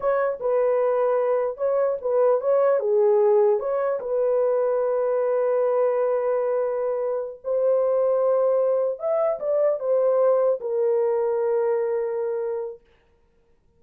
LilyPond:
\new Staff \with { instrumentName = "horn" } { \time 4/4 \tempo 4 = 150 cis''4 b'2. | cis''4 b'4 cis''4 gis'4~ | gis'4 cis''4 b'2~ | b'1~ |
b'2~ b'8 c''4.~ | c''2~ c''8 e''4 d''8~ | d''8 c''2 ais'4.~ | ais'1 | }